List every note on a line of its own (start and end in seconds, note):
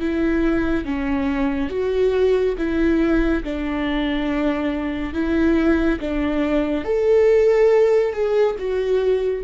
0.00 0.85 E4
0.85 1.70 C#4
1.70 2.56 F#4
2.58 3.44 E4
3.44 5.14 D4
5.14 6.00 E4
6.00 6.85 D4
6.85 8.13 A4
8.13 8.56 G#4
8.59 9.44 F#4